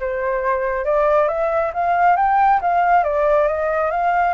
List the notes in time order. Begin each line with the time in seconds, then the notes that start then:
0.00 C5
0.85 D5
1.28 E5
1.74 F5
2.17 G5
2.61 F5
3.04 D5
3.48 D#5
3.91 F5